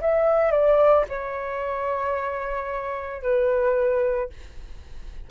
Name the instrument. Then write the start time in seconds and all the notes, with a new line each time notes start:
flute
0.00 E5
0.51 D5
1.09 C#5
3.22 B4